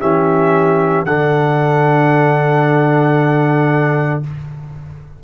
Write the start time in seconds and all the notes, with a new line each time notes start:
0.00 E3 C#4 G4 E5
1.04 D3 D4 A4 F#5